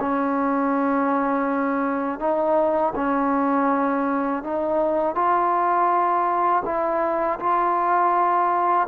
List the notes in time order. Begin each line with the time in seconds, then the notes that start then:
0.00 C#4
2.20 D#4
2.96 C#4
4.44 D#4
5.15 F4
6.65 E4
7.40 F4